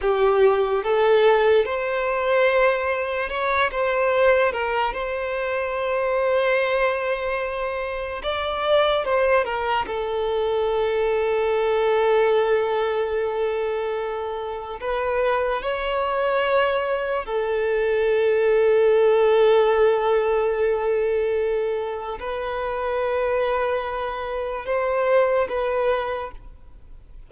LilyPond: \new Staff \with { instrumentName = "violin" } { \time 4/4 \tempo 4 = 73 g'4 a'4 c''2 | cis''8 c''4 ais'8 c''2~ | c''2 d''4 c''8 ais'8 | a'1~ |
a'2 b'4 cis''4~ | cis''4 a'2.~ | a'2. b'4~ | b'2 c''4 b'4 | }